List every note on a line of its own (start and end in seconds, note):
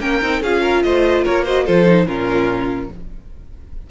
0.00 0.21 A#3
0.00 0.21 C#4
0.00 0.42 A#4
0.00 0.42 G5
0.22 0.42 C4
0.22 0.43 D#4
0.42 0.83 C#4
0.42 1.46 F4
0.42 0.61 G#4
0.42 0.82 F5
0.61 0.82 A#4
0.82 1.25 A3
0.82 1.24 C5
0.82 1.24 D#5
1.24 1.68 A#3
1.24 1.44 A#4
1.24 1.45 C#5
1.44 1.66 F#4
1.44 1.64 C5
1.44 1.66 D#5
1.64 2.06 F3
1.64 1.86 F4
1.64 2.06 A4
1.64 2.07 C5
1.86 2.06 D#4
2.06 2.89 A#2
2.06 2.89 C#4
2.06 2.90 F4
2.06 2.90 A#4